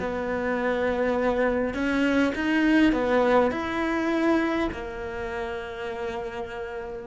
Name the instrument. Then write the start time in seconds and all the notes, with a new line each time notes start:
cello
0.00 B3
1.74 C#4
2.35 D#4
2.93 B3
3.51 E4
4.72 A#3